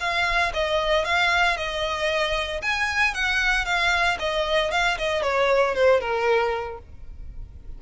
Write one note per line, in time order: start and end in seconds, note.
0.00 0.52 F5
0.54 1.05 D#5
1.05 1.57 F5
1.57 2.61 D#5
2.62 3.14 G#5
3.14 3.66 F#5
3.66 4.18 F5
4.20 4.71 D#5
4.71 4.98 F5
4.98 5.23 D#5
5.23 5.75 C#5
5.75 6.00 C5
6.00 6.79 A#4